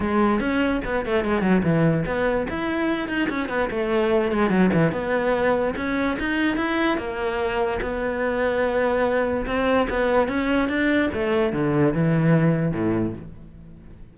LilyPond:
\new Staff \with { instrumentName = "cello" } { \time 4/4 \tempo 4 = 146 gis4 cis'4 b8 a8 gis8 fis8 | e4 b4 e'4. dis'8 | cis'8 b8 a4. gis8 fis8 e8 | b2 cis'4 dis'4 |
e'4 ais2 b4~ | b2. c'4 | b4 cis'4 d'4 a4 | d4 e2 a,4 | }